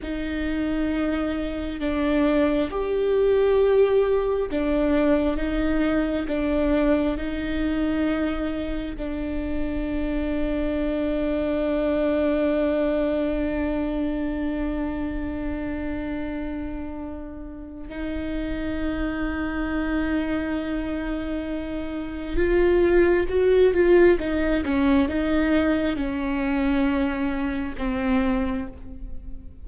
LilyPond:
\new Staff \with { instrumentName = "viola" } { \time 4/4 \tempo 4 = 67 dis'2 d'4 g'4~ | g'4 d'4 dis'4 d'4 | dis'2 d'2~ | d'1~ |
d'1 | dis'1~ | dis'4 f'4 fis'8 f'8 dis'8 cis'8 | dis'4 cis'2 c'4 | }